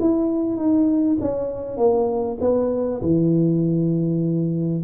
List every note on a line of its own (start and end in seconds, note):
0.00 0.56 E4
0.56 1.17 D#4
1.21 1.77 C#4
1.77 2.38 A#3
2.40 3.01 B3
3.02 4.83 E3